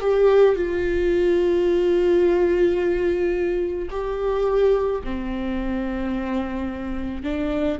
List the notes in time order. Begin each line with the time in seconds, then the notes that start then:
0.00 G4
0.55 F4
3.90 G4
5.04 C4
7.23 D4